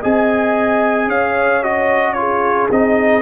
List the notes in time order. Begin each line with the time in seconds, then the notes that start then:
0.00 C4 G#4 D#5 G#5
1.08 C#4 C#5 F5
1.63 F#4 D#5
2.14 F4 G#4 C#5
2.71 C4 D#4 D#5